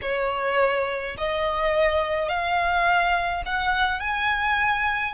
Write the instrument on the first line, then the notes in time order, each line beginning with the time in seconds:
violin
0.01 C#5
1.17 D#5
2.28 F5
3.45 F#5
3.99 G#5